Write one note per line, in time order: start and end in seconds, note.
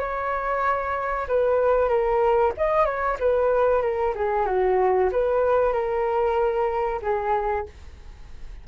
0.00 1.28 C#5
1.29 1.89 B4
1.89 2.53 A#4
2.58 2.85 D#5
2.85 3.17 C#5
3.20 3.82 B4
3.82 4.14 A#4
4.16 4.47 G#4
4.47 5.10 F#4
5.12 5.73 B4
5.73 7.01 A#4
7.03 7.67 G#4